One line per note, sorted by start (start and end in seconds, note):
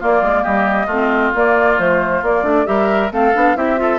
0.00 0.89 A#3
0.00 0.22 A#3
0.00 0.43 F4
0.00 0.44 D5
0.22 0.44 G#3
0.43 0.87 G3
0.43 0.87 G4
0.43 1.33 D#5
0.87 1.32 A3
0.87 1.35 C4
0.87 2.65 F4
1.35 1.78 A#3
1.35 1.79 A#3
1.35 1.79 D5
1.78 2.23 F3
1.78 2.23 A3
1.78 2.24 C5
2.23 2.43 A#3
2.23 2.44 A#3
2.23 2.67 D5
2.43 2.65 A3
2.43 2.66 D4
2.66 3.12 G3
2.66 3.10 G4
2.66 3.13 A#4
2.66 3.11 E5
3.11 3.34 A3
3.11 3.33 C4
3.11 3.57 A4
3.11 3.57 F5
3.34 3.56 B3
3.34 3.56 D4
3.56 3.99 C4
3.56 3.77 E4
3.56 3.80 G4
3.56 3.99 E5
3.77 3.99 F4
3.77 3.99 A4